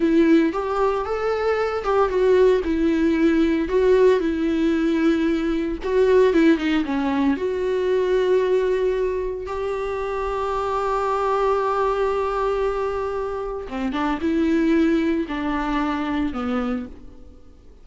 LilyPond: \new Staff \with { instrumentName = "viola" } { \time 4/4 \tempo 4 = 114 e'4 g'4 a'4. g'8 | fis'4 e'2 fis'4 | e'2. fis'4 | e'8 dis'8 cis'4 fis'2~ |
fis'2 g'2~ | g'1~ | g'2 c'8 d'8 e'4~ | e'4 d'2 b4 | }